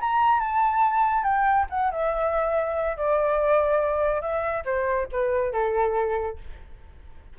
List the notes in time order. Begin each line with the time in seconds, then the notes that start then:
0.00 A#5
0.39 A5
1.23 G5
1.70 F#5
1.91 E5
2.97 D5
4.21 E5
4.65 C5
5.12 B4
5.53 A4